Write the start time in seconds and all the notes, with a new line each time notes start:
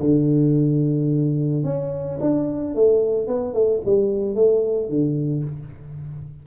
0.00 D3
1.64 C#4
2.20 D4
2.75 A3
3.28 B3
3.54 A3
3.85 G3
4.35 A3
4.89 D3